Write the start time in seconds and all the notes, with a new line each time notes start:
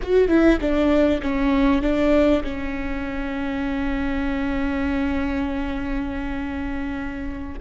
0.02 F#4
0.28 E4
0.60 D4
1.22 C#4
1.82 D4
2.43 C#4